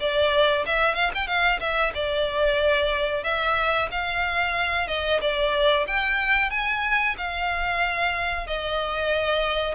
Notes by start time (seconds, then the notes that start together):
0.00 D5
0.66 E5
0.95 F5
1.14 G5
1.27 F5
1.60 E5
1.94 D5
3.24 E5
3.92 F5
4.88 D#5
5.21 D5
5.88 G5
6.50 G#5
7.18 F5
8.47 D#5